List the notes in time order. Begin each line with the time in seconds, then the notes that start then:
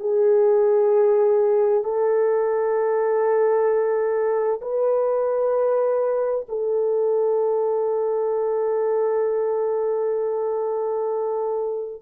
0.00 G#4
1.84 A4
4.62 B4
6.49 A4